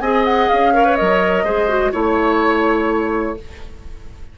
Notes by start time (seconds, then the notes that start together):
0.00 C4 G#4 D#5 G#5
0.25 F#5
0.49 C#4 F5
0.74 A#4 C#5
0.85 B4
0.96 F#3 A#4 D#5
1.44 G#3 G#4 C5
1.69 F#4
1.92 A3 E4 C#5